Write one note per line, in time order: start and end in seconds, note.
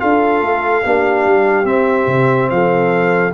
0.00 0.41 D4
0.00 0.83 F4
0.00 0.85 A4
0.00 1.66 F5
0.41 0.83 A3
0.84 1.26 A#3
0.84 1.65 D4
0.84 2.52 G4
1.26 1.64 G3
1.64 2.06 C4
1.64 3.31 C4
1.64 2.50 E5
2.07 2.49 C3
2.50 3.34 F3
2.50 3.34 A4
2.50 3.34 F5